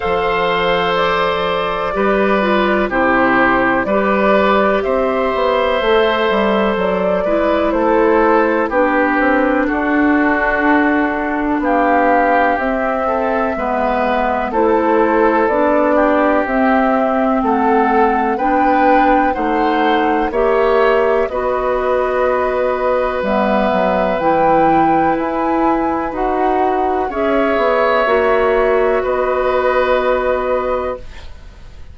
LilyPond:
<<
  \new Staff \with { instrumentName = "flute" } { \time 4/4 \tempo 4 = 62 f''4 d''2 c''4 | d''4 e''2 d''4 | c''4 b'4 a'2 | f''4 e''2 c''4 |
d''4 e''4 fis''4 g''4 | fis''4 e''4 dis''2 | e''4 g''4 gis''4 fis''4 | e''2 dis''2 | }
  \new Staff \with { instrumentName = "oboe" } { \time 4/4 c''2 b'4 g'4 | b'4 c''2~ c''8 b'8 | a'4 g'4 fis'2 | g'4. a'8 b'4 a'4~ |
a'8 g'4. a'4 b'4 | c''4 cis''4 b'2~ | b'1 | cis''2 b'2 | }
  \new Staff \with { instrumentName = "clarinet" } { \time 4/4 a'2 g'8 f'8 e'4 | g'2 a'4. e'8~ | e'4 d'2.~ | d'4 c'4 b4 e'4 |
d'4 c'2 d'4 | dis'4 g'4 fis'2 | b4 e'2 fis'4 | gis'4 fis'2. | }
  \new Staff \with { instrumentName = "bassoon" } { \time 4/4 f2 g4 c4 | g4 c'8 b8 a8 g8 fis8 gis8 | a4 b8 c'8 d'2 | b4 c'4 gis4 a4 |
b4 c'4 a4 b4 | a4 ais4 b2 | g8 fis8 e4 e'4 dis'4 | cis'8 b8 ais4 b2 | }
>>